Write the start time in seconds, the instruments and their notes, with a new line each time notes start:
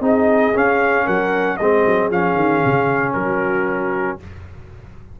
0.00 tuba C4, trombone D#4, horn G#4, trumpet D#5
0.54 trombone C#4, tuba C#4, trumpet F5
1.04 tuba F#3, horn A#4, trumpet F#5
1.57 tuba G#3, trombone C4, horn G#4, trumpet D#5
1.86 tuba F#3
2.10 tuba F3, trombone C#4, trumpet F5
2.35 tuba D#3
2.65 tuba C#3
3.13 tuba F#3, horn F#4, trumpet A#4